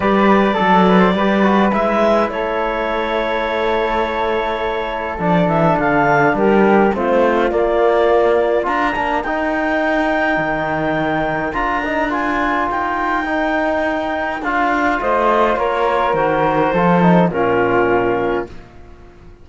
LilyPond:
<<
  \new Staff \with { instrumentName = "clarinet" } { \time 4/4 \tempo 4 = 104 d''2. e''4 | cis''1~ | cis''4 d''8 e''8 f''4 ais'4 | c''4 d''2 ais''4 |
g''1 | ais''4 gis''4 g''2~ | g''4 f''4 dis''4 cis''4 | c''2 ais'2 | }
  \new Staff \with { instrumentName = "flute" } { \time 4/4 b'4 a'8 b'16 c''16 b'2 | a'1~ | a'2. g'4 | f'2. ais'4~ |
ais'1~ | ais'1~ | ais'2 c''4 ais'4~ | ais'4 a'4 f'2 | }
  \new Staff \with { instrumentName = "trombone" } { \time 4/4 g'4 a'4 g'8 fis'8 e'4~ | e'1~ | e'4 d'2. | c'4 ais2 f'8 d'8 |
dis'1 | f'8 dis'8 f'2 dis'4~ | dis'4 f'2. | fis'4 f'8 dis'8 cis'2 | }
  \new Staff \with { instrumentName = "cello" } { \time 4/4 g4 fis4 g4 gis4 | a1~ | a4 f8 e8 d4 g4 | a4 ais2 d'8 ais8 |
dis'2 dis2 | d'2 dis'2~ | dis'4 d'4 a4 ais4 | dis4 f4 ais,2 | }
>>